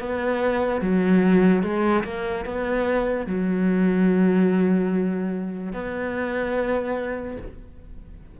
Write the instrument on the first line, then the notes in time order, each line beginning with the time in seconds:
cello
0.00 B3
0.81 F#3
1.63 G#3
2.05 A#3
2.45 B3
3.27 F#3
5.73 B3